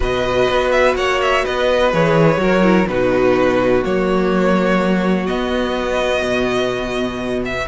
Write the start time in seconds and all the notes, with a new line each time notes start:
0.00 B2 F#4 B4 D#5
0.50 B3
0.71 E5
0.95 A#3 C#5 F#5
1.21 E5
1.44 B3 B4 D#5
1.92 E3 G#4 C#5
2.37 F#3 F#4 A#4
2.62 E4
2.87 B2 D#4 F#4 B4
3.83 F#3 A#3 C#5
5.26 B3 D#5
6.23 B2
7.45 E5